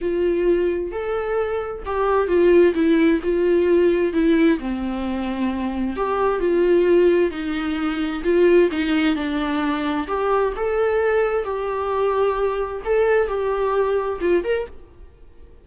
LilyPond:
\new Staff \with { instrumentName = "viola" } { \time 4/4 \tempo 4 = 131 f'2 a'2 | g'4 f'4 e'4 f'4~ | f'4 e'4 c'2~ | c'4 g'4 f'2 |
dis'2 f'4 dis'4 | d'2 g'4 a'4~ | a'4 g'2. | a'4 g'2 f'8 ais'8 | }